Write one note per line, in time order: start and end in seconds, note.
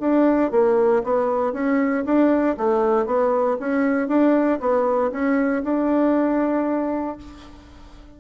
0.00 0.51 D4
0.52 1.03 A#3
1.03 1.53 B3
1.53 2.04 C#4
2.05 2.57 D4
2.57 3.06 A3
3.06 3.57 B3
3.60 4.08 C#4
4.08 4.59 D4
4.60 5.11 B3
5.12 5.63 C#4
5.64 7.17 D4